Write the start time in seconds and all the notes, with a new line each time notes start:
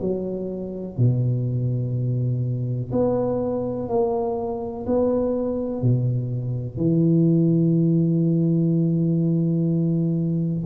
0.00 F#3
0.97 B2
2.92 B3
3.88 A#3
4.86 B3
5.81 B2
6.77 E3